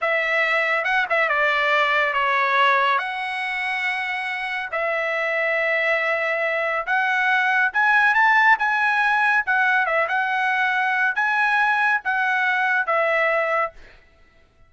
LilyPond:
\new Staff \with { instrumentName = "trumpet" } { \time 4/4 \tempo 4 = 140 e''2 fis''8 e''8 d''4~ | d''4 cis''2 fis''4~ | fis''2. e''4~ | e''1 |
fis''2 gis''4 a''4 | gis''2 fis''4 e''8 fis''8~ | fis''2 gis''2 | fis''2 e''2 | }